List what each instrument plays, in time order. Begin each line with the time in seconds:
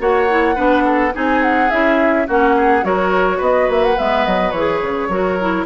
0.00 bassoon A#3, clarinet F#4, oboe C#5, flute F#5
0.30 clarinet E4
0.55 bassoon B3, clarinet D4, oboe B4
0.85 oboe A4
1.13 bassoon C4, clarinet D#4, oboe G#4, flute G#5
1.43 flute F#5
1.70 bassoon C#4, clarinet E4, flute E5
2.28 bassoon A#3, clarinet C#4, oboe F#4, flute F#5
2.57 oboe G#4
2.83 bassoon F#3, clarinet F#4, oboe A#4, flute C#5
3.38 bassoon B3, oboe B4, flute D#5
3.69 bassoon A#3, flute E5
3.84 flute F#5
3.98 bassoon G#3, clarinet B3, flute E5
4.26 bassoon F#3, flute D#5
4.52 bassoon E3, clarinet G#4, flute C#5
4.82 bassoon C#3
5.09 bassoon F#3, clarinet F#4, oboe A#4
5.41 clarinet E4